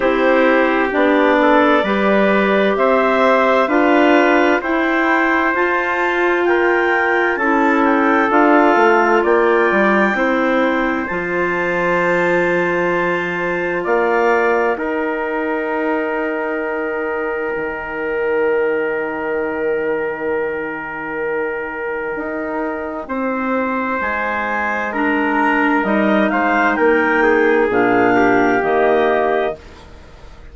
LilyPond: <<
  \new Staff \with { instrumentName = "clarinet" } { \time 4/4 \tempo 4 = 65 c''4 d''2 e''4 | f''4 g''4 a''4 g''4 | a''8 g''8 f''4 g''2 | a''2. f''4 |
g''1~ | g''1~ | g''2 gis''4 ais''4 | dis''8 f''8 g''4 f''4 dis''4 | }
  \new Staff \with { instrumentName = "trumpet" } { \time 4/4 g'4. a'8 b'4 c''4 | b'4 c''2 ais'4 | a'2 d''4 c''4~ | c''2. d''4 |
ais'1~ | ais'1~ | ais'4 c''2 ais'4~ | ais'8 c''8 ais'8 gis'4 g'4. | }
  \new Staff \with { instrumentName = "clarinet" } { \time 4/4 e'4 d'4 g'2 | f'4 e'4 f'2 | e'4 f'2 e'4 | f'1 |
dis'1~ | dis'1~ | dis'2. d'4 | dis'2 d'4 ais4 | }
  \new Staff \with { instrumentName = "bassoon" } { \time 4/4 c'4 b4 g4 c'4 | d'4 e'4 f'2 | cis'4 d'8 a8 ais8 g8 c'4 | f2. ais4 |
dis'2. dis4~ | dis1 | dis'4 c'4 gis2 | g8 gis8 ais4 ais,4 dis4 | }
>>